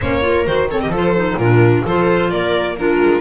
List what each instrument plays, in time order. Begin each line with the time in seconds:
0.00 double bass A#3, clarinet C#4, viola C5, violin C#5
0.21 clarinet F4, viola A#4
0.45 double bass D#3, clarinet F#4, violin C5
0.70 clarinet C4, viola A4, violin C#5
0.80 viola G4, violin D#5
0.88 double bass F3, clarinet F4, viola A4
0.96 violin C5
1.16 clarinet D#4
1.37 double bass A#2, clarinet D4, viola F4, violin A#4
1.85 double bass F3, clarinet F4, viola A4, violin C5
2.30 double bass A#3, viola A#4, violin D5
2.76 clarinet D4, viola F4, violin A#4
3.01 double bass G#3